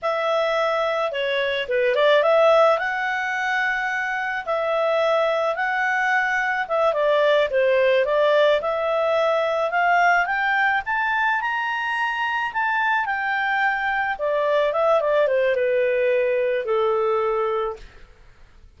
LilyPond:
\new Staff \with { instrumentName = "clarinet" } { \time 4/4 \tempo 4 = 108 e''2 cis''4 b'8 d''8 | e''4 fis''2. | e''2 fis''2 | e''8 d''4 c''4 d''4 e''8~ |
e''4. f''4 g''4 a''8~ | a''8 ais''2 a''4 g''8~ | g''4. d''4 e''8 d''8 c''8 | b'2 a'2 | }